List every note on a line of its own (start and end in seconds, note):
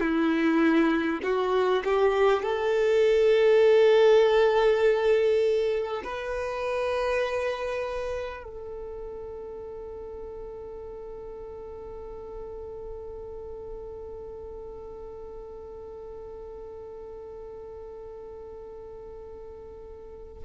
0.00 1.20 E4
1.23 1.83 F#4
1.84 2.43 G4
2.43 6.03 A4
6.03 8.43 B4
8.43 20.43 A4